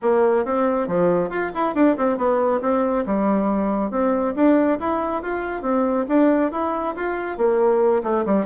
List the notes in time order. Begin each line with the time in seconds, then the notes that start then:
0.02 A#3
0.45 C4
0.87 F3
1.29 F4
1.54 E4
1.75 D4
1.97 C4
2.17 B3
2.61 C4
3.06 G3
3.90 C4
4.35 D4
4.79 E4
5.22 F4
5.62 C4
6.08 D4
6.51 E4
6.95 F4
7.37 A#3
8.03 A3
8.25 G3